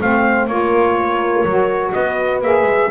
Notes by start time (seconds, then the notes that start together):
0.00 A3 C4 C5 F5
0.47 A#3 F4 A#4 C#5
1.44 F#3 F#4
1.92 B3 B4 D#5
2.41 A#3 G#4 E5
2.63 G#3